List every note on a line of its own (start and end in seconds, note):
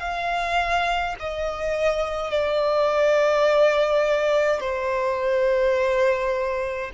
0.00 1.15 F5
1.20 2.31 D#5
2.31 4.60 D5
4.60 6.91 C5